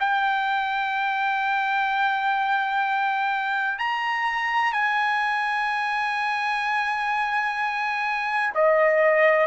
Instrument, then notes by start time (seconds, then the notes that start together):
trumpet
0.00 G5
3.79 A#5
4.73 G#5
8.55 D#5